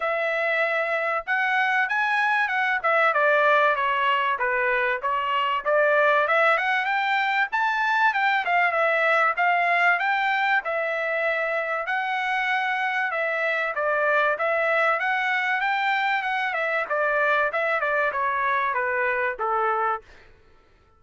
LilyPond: \new Staff \with { instrumentName = "trumpet" } { \time 4/4 \tempo 4 = 96 e''2 fis''4 gis''4 | fis''8 e''8 d''4 cis''4 b'4 | cis''4 d''4 e''8 fis''8 g''4 | a''4 g''8 f''8 e''4 f''4 |
g''4 e''2 fis''4~ | fis''4 e''4 d''4 e''4 | fis''4 g''4 fis''8 e''8 d''4 | e''8 d''8 cis''4 b'4 a'4 | }